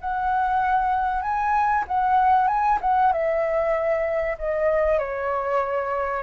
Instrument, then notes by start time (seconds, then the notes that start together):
flute
0.00 F#5
1.22 G#5
1.87 F#5
2.47 G#5
2.81 F#5
3.12 E5
4.38 D#5
4.98 C#5